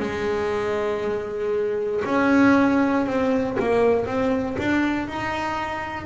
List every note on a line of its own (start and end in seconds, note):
0.00 2.03 G#3
2.05 3.06 C#4
3.06 3.57 C4
3.60 4.06 A#3
4.06 4.57 C4
4.59 5.08 D4
5.08 6.06 D#4